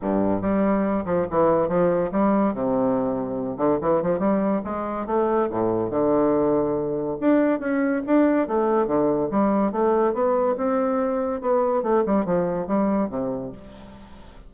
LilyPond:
\new Staff \with { instrumentName = "bassoon" } { \time 4/4 \tempo 4 = 142 g,4 g4. f8 e4 | f4 g4 c2~ | c8 d8 e8 f8 g4 gis4 | a4 a,4 d2~ |
d4 d'4 cis'4 d'4 | a4 d4 g4 a4 | b4 c'2 b4 | a8 g8 f4 g4 c4 | }